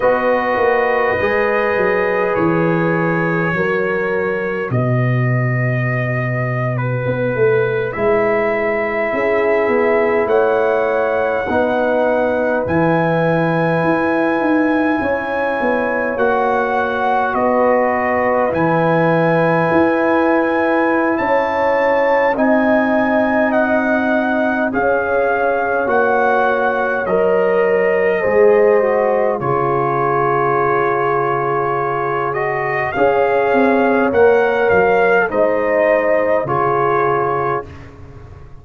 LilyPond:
<<
  \new Staff \with { instrumentName = "trumpet" } { \time 4/4 \tempo 4 = 51 dis''2 cis''2 | dis''4.~ dis''16 b'4 e''4~ e''16~ | e''8. fis''2 gis''4~ gis''16~ | gis''4.~ gis''16 fis''4 dis''4 gis''16~ |
gis''2 a''4 gis''4 | fis''4 f''4 fis''4 dis''4~ | dis''4 cis''2~ cis''8 dis''8 | f''4 fis''8 f''8 dis''4 cis''4 | }
  \new Staff \with { instrumentName = "horn" } { \time 4/4 b'2. ais'4 | b'2.~ b'8. gis'16~ | gis'8. cis''4 b'2~ b'16~ | b'8. cis''2 b'4~ b'16~ |
b'2 cis''4 dis''4~ | dis''4 cis''2. | c''4 gis'2. | cis''2 c''4 gis'4 | }
  \new Staff \with { instrumentName = "trombone" } { \time 4/4 fis'4 gis'2 fis'4~ | fis'2~ fis'8. e'4~ e'16~ | e'4.~ e'16 dis'4 e'4~ e'16~ | e'4.~ e'16 fis'2 e'16~ |
e'2. dis'4~ | dis'4 gis'4 fis'4 ais'4 | gis'8 fis'8 f'2~ f'8 fis'8 | gis'4 ais'4 dis'4 f'4 | }
  \new Staff \with { instrumentName = "tuba" } { \time 4/4 b8 ais8 gis8 fis8 e4 fis4 | b,2 b16 a8 gis4 cis'16~ | cis'16 b8 a4 b4 e4 e'16~ | e'16 dis'8 cis'8 b8 ais4 b4 e16~ |
e8. e'4~ e'16 cis'4 c'4~ | c'4 cis'4 ais4 fis4 | gis4 cis2. | cis'8 c'8 ais8 fis8 gis4 cis4 | }
>>